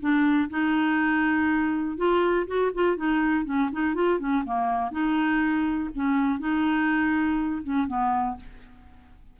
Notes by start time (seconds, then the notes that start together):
0.00 D4
0.50 D#4
1.97 F4
2.47 F#4
2.74 F4
2.97 D#4
3.45 C#4
3.72 D#4
3.95 F4
4.19 C#4
4.45 A#3
4.92 D#4
5.95 C#4
6.39 D#4
7.63 C#4
7.88 B3